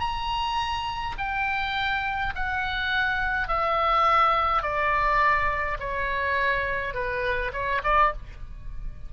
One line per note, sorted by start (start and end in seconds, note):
0.00 1.15 A#5
1.19 2.34 G5
2.35 3.48 F#5
3.48 4.63 E5
4.63 5.78 D5
5.80 6.94 C#5
6.94 7.52 B4
7.53 7.82 C#5
7.84 8.12 D5